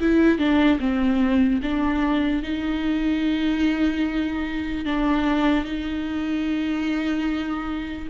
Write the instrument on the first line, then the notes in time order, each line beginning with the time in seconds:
viola
0.00 E4
0.39 D4
0.80 C4
1.63 D4
2.43 D#4
4.85 D4
5.65 D#4